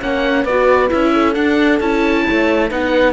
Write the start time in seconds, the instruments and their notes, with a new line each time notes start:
0.00 cello A#3, viola C#4, horn C#5, oboe F#5
0.44 cello B3, viola F#4, horn B4, oboe D5
0.89 cello C#4, viola E4, oboe E5
1.13 horn A4
1.33 viola D4, cello D4, oboe F#5
1.80 cello C#4, viola E4, oboe A5
2.27 cello A3, horn C#5
2.68 cello B3, viola D#4, horn B4, oboe F#5